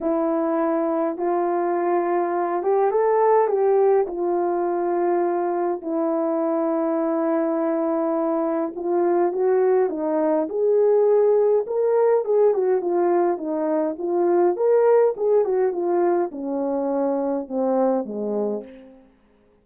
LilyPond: \new Staff \with { instrumentName = "horn" } { \time 4/4 \tempo 4 = 103 e'2 f'2~ | f'8 g'8 a'4 g'4 f'4~ | f'2 e'2~ | e'2. f'4 |
fis'4 dis'4 gis'2 | ais'4 gis'8 fis'8 f'4 dis'4 | f'4 ais'4 gis'8 fis'8 f'4 | cis'2 c'4 gis4 | }